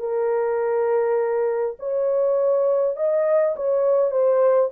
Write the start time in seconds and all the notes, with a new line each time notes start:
0.00 A#4
1.80 C#5
2.97 D#5
3.56 C#5
4.11 C5